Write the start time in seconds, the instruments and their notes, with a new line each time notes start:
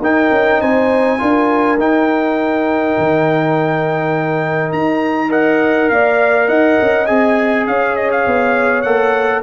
0.00 tuba D#4, trombone D#4, horn A#4, trumpet G5
0.31 tuba C#4
0.61 tuba C4, horn C5, trumpet G#5
1.19 tuba D4, trombone F4, horn A#4
1.77 tuba D#4, trombone D#4, trumpet G5
2.98 tuba D#3
4.72 tuba D#4, trumpet A#5
5.29 trombone A#4, horn D#5, trumpet F#5
5.89 tuba A#3, horn D5, trumpet F5
6.48 tuba D#4, horn D#5, trumpet F#5
6.81 tuba C#4
7.06 tuba C4, trombone G#4, trumpet G#5
7.67 tuba C#4, horn C#5, trumpet F5
7.96 trumpet D#5
8.11 trumpet F5
8.26 tuba B3
8.82 tuba A#3, trombone A4, trumpet F#5